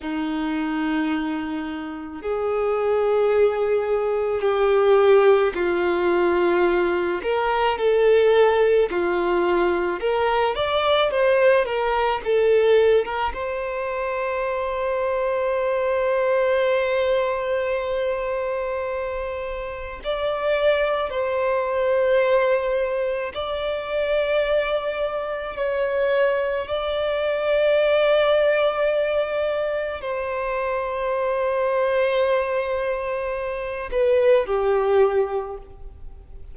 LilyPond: \new Staff \with { instrumentName = "violin" } { \time 4/4 \tempo 4 = 54 dis'2 gis'2 | g'4 f'4. ais'8 a'4 | f'4 ais'8 d''8 c''8 ais'8 a'8. ais'16 | c''1~ |
c''2 d''4 c''4~ | c''4 d''2 cis''4 | d''2. c''4~ | c''2~ c''8 b'8 g'4 | }